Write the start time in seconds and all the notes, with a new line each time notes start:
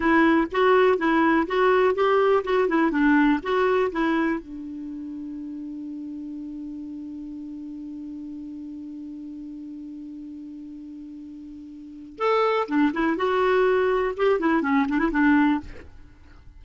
0.00 E4
0.51 F#4
0.98 E4
1.47 F#4
1.94 G4
2.43 F#4
2.68 E4
2.91 D4
3.42 F#4
3.92 E4
4.40 D4
12.18 A4
12.68 D4
12.93 E4
13.17 F#4
14.16 G4
14.39 E4
14.62 C#4
14.88 D4
14.98 E4
15.11 D4